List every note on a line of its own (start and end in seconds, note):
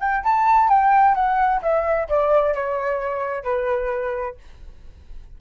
0.00 0.23 G5
0.24 0.69 A5
0.69 1.15 G5
1.15 1.61 F#5
1.62 2.08 E5
2.09 2.54 D5
2.54 3.44 C#5
3.44 4.36 B4